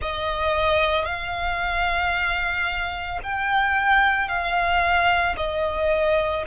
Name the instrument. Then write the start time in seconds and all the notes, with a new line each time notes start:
violin
0.01 D#5
1.05 F5
3.23 G5
4.28 F5
5.36 D#5